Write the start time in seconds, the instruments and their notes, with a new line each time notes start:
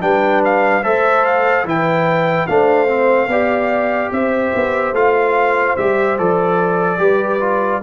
0.00 tuba G3, trombone D4, horn B4, trumpet G5
0.44 trumpet F5
0.83 tuba A3, trombone A4, horn C5, trumpet E5
1.24 trumpet F5
1.64 tuba E3, trombone E4, horn B4, trumpet G5
2.46 tuba A3, trombone D4, horn C5, trumpet F5
2.87 trombone C4
3.27 tuba B3, trombone G4, horn D5
4.11 tuba C4, horn C5, trumpet E5
4.54 tuba B3
4.92 tuba A3, trombone F4, trumpet F5
5.76 tuba G3, trombone G4, trumpet E5
6.18 tuba F3, trombone A4, trumpet D5
6.98 tuba G3, trombone G4, horn B4
7.40 trombone F4